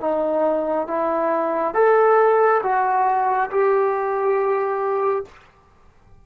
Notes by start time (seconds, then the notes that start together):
0.00 D#4
0.87 E4
1.74 A4
2.63 F#4
3.50 G4